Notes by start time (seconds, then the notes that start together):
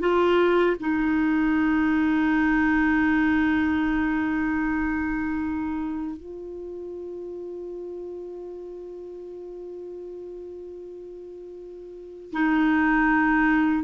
0.00 F4
0.80 D#4
6.17 F4
12.33 D#4